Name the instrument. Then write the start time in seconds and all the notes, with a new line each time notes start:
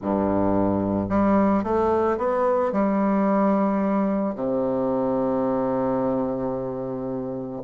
bassoon
0.01 G2
1.09 G3
1.63 A3
2.17 B3
2.72 G3
4.35 C3